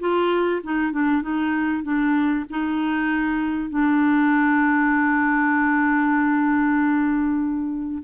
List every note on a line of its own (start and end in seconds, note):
0.00 0.62 F4
0.64 0.93 D#4
0.93 1.22 D4
1.22 1.84 D#4
1.84 2.45 D4
2.50 3.70 D#4
3.70 8.03 D4